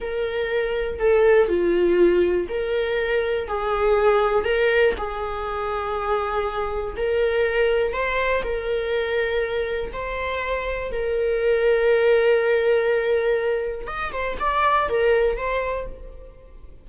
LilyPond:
\new Staff \with { instrumentName = "viola" } { \time 4/4 \tempo 4 = 121 ais'2 a'4 f'4~ | f'4 ais'2 gis'4~ | gis'4 ais'4 gis'2~ | gis'2 ais'2 |
c''4 ais'2. | c''2 ais'2~ | ais'1 | dis''8 c''8 d''4 ais'4 c''4 | }